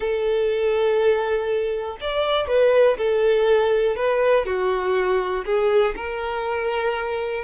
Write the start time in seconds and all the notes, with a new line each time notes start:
0.00 A4
2.00 D5
2.47 B4
2.97 A4
3.96 B4
4.45 F#4
5.45 G#4
5.96 A#4